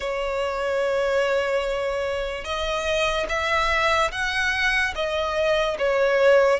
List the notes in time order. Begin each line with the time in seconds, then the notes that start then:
0.00 C#5
2.44 D#5
3.29 E5
4.11 F#5
4.95 D#5
5.78 C#5